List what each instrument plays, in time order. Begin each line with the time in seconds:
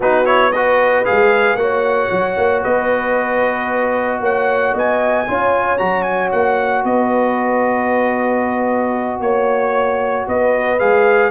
0.00 tuba B3, trombone D#4, horn F#4, trumpet B4
0.25 trombone E4, trumpet C#5
0.52 trombone F#4, horn B4, trumpet D#5
1.05 tuba G#3, trombone G#4, trumpet F5
1.55 tuba A#3, trombone F#4, horn C#5, trumpet F#5
2.10 tuba F#3
2.37 tuba A#3
2.63 tuba B3, horn B4, trumpet D#5
4.20 tuba A#3, horn C#5, trumpet F#5
4.73 tuba B3, horn D#5, trumpet G#5
5.27 tuba C#4, trombone F4, horn C#5
5.78 tuba F#3, trombone F#4, trumpet A#5
6.02 trumpet G#5
6.31 tuba A#3, trumpet F#5
6.83 tuba B3, horn B4, trumpet D#5
9.20 tuba A#3, trumpet C#5, horn C#5
10.27 tuba B3, horn B4, trumpet D#5
10.79 tuba G#3, trombone G#4, trumpet F5